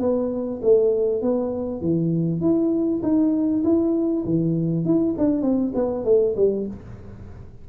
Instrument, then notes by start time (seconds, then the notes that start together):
tuba
0.00 B3
0.62 A3
1.21 B3
1.81 E3
2.41 E4
3.02 D#4
3.64 E4
4.25 E3
4.85 E4
5.18 D4
5.42 C4
5.75 B3
6.05 A3
6.36 G3